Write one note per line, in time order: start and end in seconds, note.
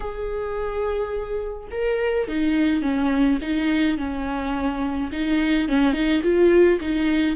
0.00 1.67 G#4
1.71 2.27 A#4
2.28 2.82 D#4
2.82 3.38 C#4
3.41 3.97 D#4
3.97 5.10 C#4
5.12 5.68 D#4
5.68 5.93 C#4
5.93 6.21 D#4
6.23 6.79 F4
6.80 7.36 D#4